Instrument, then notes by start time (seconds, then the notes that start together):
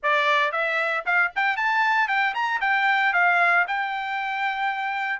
trumpet
0.03 D5
0.51 E5
1.05 F5
1.35 G5
1.57 A5
2.08 G5
2.34 A#5
2.61 G5
3.13 F5
3.67 G5